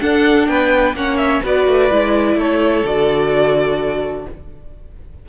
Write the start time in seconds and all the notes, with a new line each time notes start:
0.00 D4 A4 F#5
0.47 B3 B4 G5
0.94 A#3 C#4 C#5 F#5
1.18 E5
1.43 B3 F#4 B4 D5
1.67 A3
1.91 G#3 E4
2.36 A3 A4 C#5
2.84 D3 F#4 D5